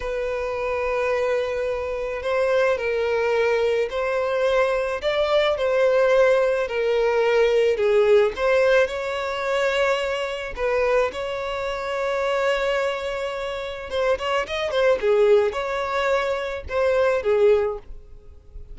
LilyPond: \new Staff \with { instrumentName = "violin" } { \time 4/4 \tempo 4 = 108 b'1 | c''4 ais'2 c''4~ | c''4 d''4 c''2 | ais'2 gis'4 c''4 |
cis''2. b'4 | cis''1~ | cis''4 c''8 cis''8 dis''8 c''8 gis'4 | cis''2 c''4 gis'4 | }